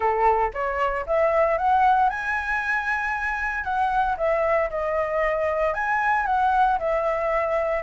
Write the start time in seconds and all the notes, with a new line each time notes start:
0.00 A4
0.53 C#5
1.06 E5
1.57 F#5
2.09 G#5
3.64 F#5
4.17 E5
4.70 D#5
5.74 G#5
6.26 F#5
6.78 E5